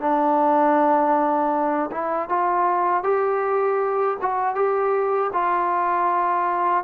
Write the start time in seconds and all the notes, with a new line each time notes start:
0.00 D4
1.91 E4
2.29 F4
3.03 G4
4.21 F#4
4.54 G4
5.33 F4